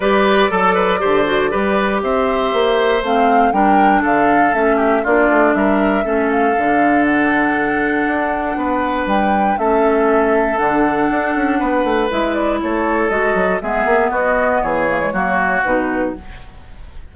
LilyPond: <<
  \new Staff \with { instrumentName = "flute" } { \time 4/4 \tempo 4 = 119 d''1 | e''2 f''4 g''4 | f''4 e''4 d''4 e''4~ | e''8 f''4. fis''2~ |
fis''2 g''4 e''4~ | e''4 fis''2. | e''8 d''8 cis''4 dis''4 e''4 | dis''4 cis''2 b'4 | }
  \new Staff \with { instrumentName = "oboe" } { \time 4/4 b'4 a'8 b'8 c''4 b'4 | c''2. ais'4 | a'4. g'8 f'4 ais'4 | a'1~ |
a'4 b'2 a'4~ | a'2. b'4~ | b'4 a'2 gis'4 | fis'4 gis'4 fis'2 | }
  \new Staff \with { instrumentName = "clarinet" } { \time 4/4 g'4 a'4 g'8 fis'8 g'4~ | g'2 c'4 d'4~ | d'4 cis'4 d'2 | cis'4 d'2.~ |
d'2. cis'4~ | cis'4 d'2. | e'2 fis'4 b4~ | b4. ais16 gis16 ais4 dis'4 | }
  \new Staff \with { instrumentName = "bassoon" } { \time 4/4 g4 fis4 d4 g4 | c'4 ais4 a4 g4 | d4 a4 ais8 a8 g4 | a4 d2. |
d'4 b4 g4 a4~ | a4 d4 d'8 cis'8 b8 a8 | gis4 a4 gis8 fis8 gis8 ais8 | b4 e4 fis4 b,4 | }
>>